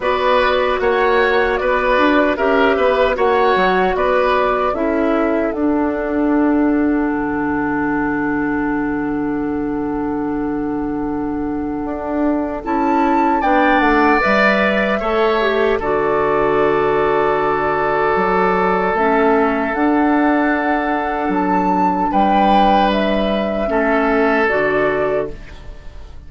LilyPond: <<
  \new Staff \with { instrumentName = "flute" } { \time 4/4 \tempo 4 = 76 d''4 fis''4 d''4 e''4 | fis''4 d''4 e''4 fis''4~ | fis''1~ | fis''1 |
a''4 g''8 fis''8 e''2 | d''1 | e''4 fis''2 a''4 | g''4 e''2 d''4 | }
  \new Staff \with { instrumentName = "oboe" } { \time 4/4 b'4 cis''4 b'4 ais'8 b'8 | cis''4 b'4 a'2~ | a'1~ | a'1~ |
a'4 d''2 cis''4 | a'1~ | a'1 | b'2 a'2 | }
  \new Staff \with { instrumentName = "clarinet" } { \time 4/4 fis'2. g'4 | fis'2 e'4 d'4~ | d'1~ | d'1 |
e'4 d'4 b'4 a'8 g'8 | fis'1 | cis'4 d'2.~ | d'2 cis'4 fis'4 | }
  \new Staff \with { instrumentName = "bassoon" } { \time 4/4 b4 ais4 b8 d'8 cis'8 b8 | ais8 fis8 b4 cis'4 d'4~ | d'4 d2.~ | d2. d'4 |
cis'4 b8 a8 g4 a4 | d2. fis4 | a4 d'2 fis4 | g2 a4 d4 | }
>>